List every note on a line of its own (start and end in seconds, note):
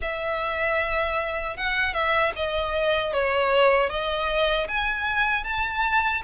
0.01 1.56 E5
1.56 1.93 F#5
1.93 2.32 E5
2.36 3.13 D#5
3.13 3.89 C#5
3.89 4.67 D#5
4.68 5.44 G#5
5.44 6.22 A5